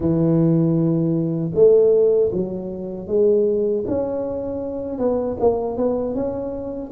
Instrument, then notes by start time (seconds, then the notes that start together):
tuba
0.00 E3
1.54 A3
2.32 F#3
3.07 G#3
3.87 C#4
4.98 B3
5.40 A#3
5.77 B3
6.14 C#4